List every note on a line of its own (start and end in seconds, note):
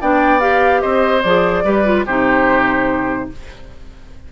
0.00 0.83 B3
0.00 0.40 D4
0.00 0.81 D5
0.00 0.40 G5
0.40 1.22 G4
0.40 0.81 F5
0.81 1.23 C4
0.81 1.63 C5
0.81 1.22 D#5
1.22 1.64 F3
1.22 1.64 G#4
1.22 2.04 D5
1.64 2.05 G3
1.64 1.84 G4
1.64 2.05 B4
1.84 2.05 F4
2.05 3.29 C3
2.05 3.32 D#4
2.05 3.29 G4
2.05 3.29 C5